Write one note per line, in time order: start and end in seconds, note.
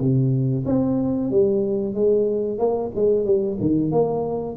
0.00 0.65 C3
0.66 1.31 C4
1.31 1.95 G3
1.95 2.58 G#3
2.58 2.91 A#3
2.96 3.25 G#3
3.25 3.58 G3
3.60 3.92 D#3
3.92 4.57 A#3